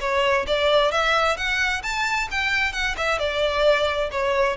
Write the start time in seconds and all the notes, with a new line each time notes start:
0.00 C#5
0.47 D5
0.91 E5
1.37 F#5
1.82 A5
2.31 G5
2.73 F#5
2.97 E5
3.19 D5
4.11 C#5